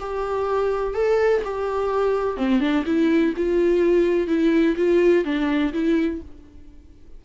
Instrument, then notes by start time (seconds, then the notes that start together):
viola
0.00 G4
0.95 A4
1.45 G4
2.37 C4
2.61 D4
2.86 E4
3.37 F4
4.28 E4
4.77 F4
5.25 D4
5.73 E4